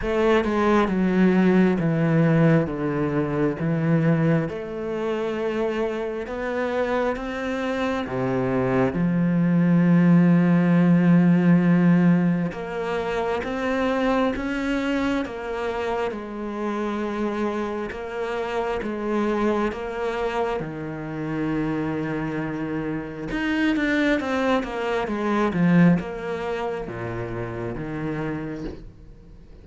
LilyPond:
\new Staff \with { instrumentName = "cello" } { \time 4/4 \tempo 4 = 67 a8 gis8 fis4 e4 d4 | e4 a2 b4 | c'4 c4 f2~ | f2 ais4 c'4 |
cis'4 ais4 gis2 | ais4 gis4 ais4 dis4~ | dis2 dis'8 d'8 c'8 ais8 | gis8 f8 ais4 ais,4 dis4 | }